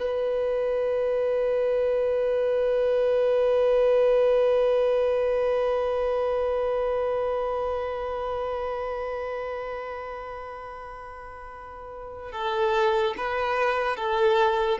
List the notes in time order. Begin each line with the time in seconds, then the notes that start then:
0.00 B4
12.32 A4
13.17 B4
13.97 A4